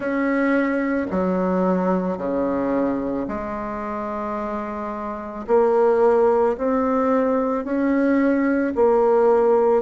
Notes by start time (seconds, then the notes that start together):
0.00 C#4
1.10 F#3
2.17 C#3
3.27 G#3
5.47 A#3
6.57 C4
7.64 C#4
8.75 A#3